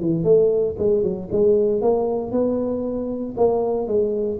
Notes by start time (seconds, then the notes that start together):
0.00 E3
0.24 A3
0.79 G#3
1.03 F#3
1.32 G#3
1.81 A#3
2.31 B3
3.37 A#3
3.87 G#3